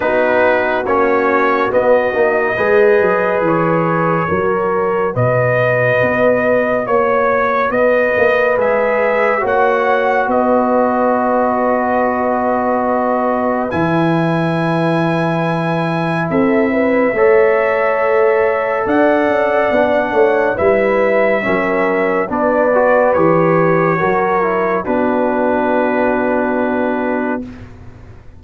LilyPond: <<
  \new Staff \with { instrumentName = "trumpet" } { \time 4/4 \tempo 4 = 70 b'4 cis''4 dis''2 | cis''2 dis''2 | cis''4 dis''4 e''4 fis''4 | dis''1 |
gis''2. e''4~ | e''2 fis''2 | e''2 d''4 cis''4~ | cis''4 b'2. | }
  \new Staff \with { instrumentName = "horn" } { \time 4/4 fis'2. b'4~ | b'4 ais'4 b'2 | cis''4 b'2 cis''4 | b'1~ |
b'2. a'8 b'8 | cis''2 d''4. cis''8 | b'4 ais'4 b'2 | ais'4 fis'2. | }
  \new Staff \with { instrumentName = "trombone" } { \time 4/4 dis'4 cis'4 b8 dis'8 gis'4~ | gis'4 fis'2.~ | fis'2 gis'4 fis'4~ | fis'1 |
e'1 | a'2. d'4 | e'4 cis'4 d'8 fis'8 g'4 | fis'8 e'8 d'2. | }
  \new Staff \with { instrumentName = "tuba" } { \time 4/4 b4 ais4 b8 ais8 gis8 fis8 | e4 fis4 b,4 b4 | ais4 b8 ais8 gis4 ais4 | b1 |
e2. c'4 | a2 d'8 cis'8 b8 a8 | g4 fis4 b4 e4 | fis4 b2. | }
>>